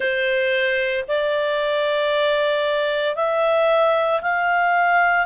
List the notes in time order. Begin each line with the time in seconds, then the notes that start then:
0.00 C5
1.08 D5
3.15 E5
4.21 F5